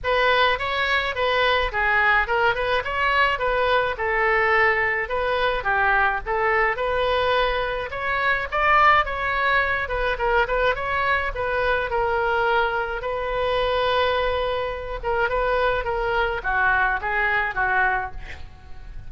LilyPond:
\new Staff \with { instrumentName = "oboe" } { \time 4/4 \tempo 4 = 106 b'4 cis''4 b'4 gis'4 | ais'8 b'8 cis''4 b'4 a'4~ | a'4 b'4 g'4 a'4 | b'2 cis''4 d''4 |
cis''4. b'8 ais'8 b'8 cis''4 | b'4 ais'2 b'4~ | b'2~ b'8 ais'8 b'4 | ais'4 fis'4 gis'4 fis'4 | }